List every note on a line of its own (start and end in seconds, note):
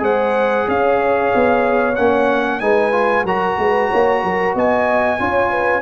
0.00 0.66 G#3
0.00 1.94 G#4
0.00 0.68 C5
0.00 0.69 F#5
0.68 1.32 C#4
0.68 2.62 C#5
0.68 1.95 F5
1.35 1.98 B3
1.95 2.61 A#3
1.95 2.61 C#4
1.95 2.60 F#5
2.60 3.24 G#3
2.60 2.92 D#4
2.60 3.26 B4
2.60 3.24 G#5
2.92 3.24 F4
3.24 3.56 F#3
3.24 5.19 F#4
3.24 3.58 A#4
3.24 4.56 A#5
3.58 3.90 G#3
3.58 3.90 B4
3.90 4.24 A#3
3.90 4.22 C#5
4.24 4.55 F#3
4.24 4.56 A#4
4.55 5.19 B3
4.55 5.20 D#5
4.55 5.82 G#5
5.19 5.82 C#4
5.19 5.82 F4
5.19 5.51 C#5
5.51 5.82 B4